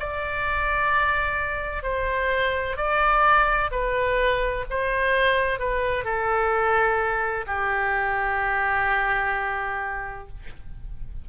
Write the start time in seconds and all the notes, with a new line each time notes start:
0.00 D5
1.83 C5
2.77 D5
3.72 B4
4.70 C5
5.60 B4
6.05 A4
7.47 G4